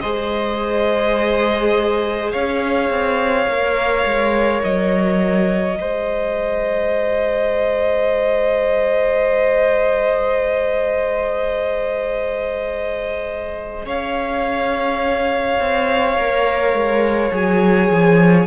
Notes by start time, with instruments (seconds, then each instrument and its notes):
0.00 cello G#3, viola G#4, violin C5 D#5
2.31 cello C#4, violin C#5 F5
2.89 cello C4
3.47 cello A#3, viola A#4
4.05 cello G#3
4.62 cello F#3, violin D#5
5.76 cello G#3, viola G#4, violin C5
13.85 cello C#4, violin C#5 F5
15.59 cello C4
16.17 cello A#3, viola A#4
16.73 cello G#3
17.31 cello F#3, viola G#4, violin G#5
17.90 cello F3